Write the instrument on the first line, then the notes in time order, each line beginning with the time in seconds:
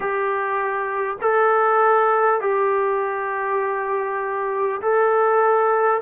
trombone
0.00 G4
1.21 A4
2.40 G4
4.81 A4